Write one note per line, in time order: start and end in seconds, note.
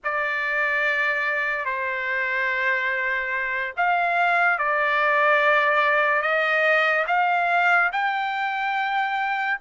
0.04 1.65 D5
1.65 3.73 C5
3.77 4.58 F5
4.58 6.22 D5
6.22 7.05 D#5
7.07 7.90 F5
7.92 9.59 G5